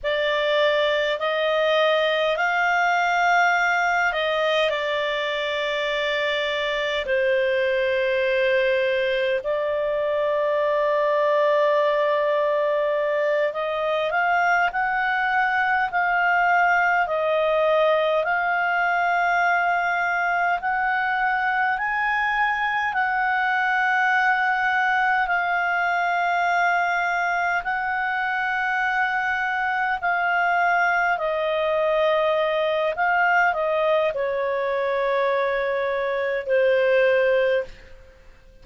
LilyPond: \new Staff \with { instrumentName = "clarinet" } { \time 4/4 \tempo 4 = 51 d''4 dis''4 f''4. dis''8 | d''2 c''2 | d''2.~ d''8 dis''8 | f''8 fis''4 f''4 dis''4 f''8~ |
f''4. fis''4 gis''4 fis''8~ | fis''4. f''2 fis''8~ | fis''4. f''4 dis''4. | f''8 dis''8 cis''2 c''4 | }